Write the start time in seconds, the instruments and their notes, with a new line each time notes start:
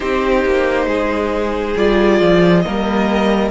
0.00 cello C4, viola D#4, violin G4 C5
0.44 cello A#3
0.86 cello G#3, violin G#4
1.76 cello G3, viola F4, violin D5
2.20 cello F3
2.61 viola A#3, violin A#4 D#5
2.67 cello G3